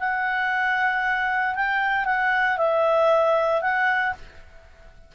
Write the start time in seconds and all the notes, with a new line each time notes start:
0.00 F#5
1.56 G5
2.06 F#5
2.58 E5
3.62 F#5